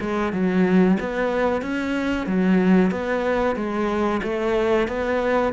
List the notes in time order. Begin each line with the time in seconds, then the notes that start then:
0.00 G#3
0.32 F#3
0.99 B3
1.62 C#4
2.26 F#3
2.91 B3
3.55 G#3
4.22 A3
4.87 B3